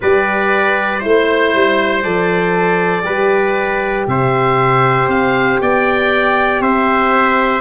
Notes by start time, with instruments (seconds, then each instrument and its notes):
0.01 tuba G3, horn G4, trumpet B4, oboe D5
0.99 tuba A3, horn E4, trumpet C5, oboe C5
1.54 tuba G3
2.03 tuba F3, horn A4, oboe D5
3.03 tuba G3, horn G4, trumpet B4
4.07 tuba C3, trumpet C5, oboe E5
5.07 tuba C4, oboe F5
5.60 tuba B3, trumpet D5, oboe G5
6.60 tuba C4, trumpet C5, oboe E5